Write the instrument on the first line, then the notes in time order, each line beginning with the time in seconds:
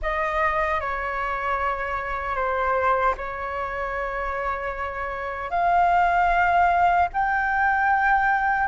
flute
0.02 D#5
0.80 C#5
2.35 C5
3.17 C#5
5.50 F5
7.13 G5